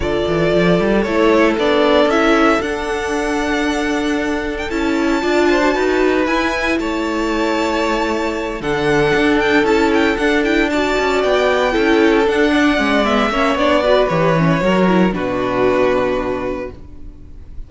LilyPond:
<<
  \new Staff \with { instrumentName = "violin" } { \time 4/4 \tempo 4 = 115 d''2 cis''4 d''4 | e''4 fis''2.~ | fis''8. g''16 a''2. | gis''4 a''2.~ |
a''8 fis''4. g''8 a''8 g''8 fis''8 | g''8 a''4 g''2 fis''8~ | fis''4 e''4 d''4 cis''4~ | cis''4 b'2. | }
  \new Staff \with { instrumentName = "violin" } { \time 4/4 a'1~ | a'1~ | a'2 d''8 c''8 b'4~ | b'4 cis''2.~ |
cis''8 a'2.~ a'8~ | a'8 d''2 a'4. | d''4. cis''4 b'4. | ais'4 fis'2. | }
  \new Staff \with { instrumentName = "viola" } { \time 4/4 f'2 e'4 d'4 | e'4 d'2.~ | d'4 e'4 f'8. fis'4~ fis'16 | e'1~ |
e'8 d'2 e'4 d'8 | e'8 fis'2 e'4 d'8~ | d'8 cis'8 b8 cis'8 d'8 fis'8 g'8 cis'8 | fis'8 e'8 d'2. | }
  \new Staff \with { instrumentName = "cello" } { \time 4/4 d8 e8 f8 g8 a4 b4 | cis'4 d'2.~ | d'4 cis'4 d'4 dis'4 | e'4 a2.~ |
a8 d4 d'4 cis'4 d'8~ | d'4 cis'8 b4 cis'4 d'8~ | d'8 gis4 ais8 b4 e4 | fis4 b,2. | }
>>